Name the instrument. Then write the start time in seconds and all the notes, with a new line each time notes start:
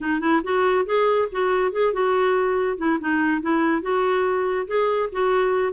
clarinet
0.00 D#4
0.20 E4
0.43 F#4
0.85 G#4
1.31 F#4
1.72 G#4
1.93 F#4
2.77 E4
3.00 D#4
3.41 E4
3.81 F#4
4.67 G#4
5.12 F#4